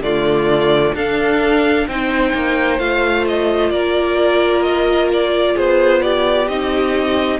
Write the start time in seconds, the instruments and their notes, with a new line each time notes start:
0.00 cello D3, viola A3, violin F4 D5
0.94 cello D4, viola D4, violin A4 F5
1.87 cello C4, viola D#4, violin C5 G5
2.34 cello A#3
2.79 cello A3, viola F4, violin F5
3.28 violin D#5
3.71 cello A#3, violin A#4 D5
4.63 violin D#5
5.13 violin D5
5.54 cello B3, violin G#4 C5
6.02 violin G4 D5
6.48 cello C4, viola D#4, violin D#5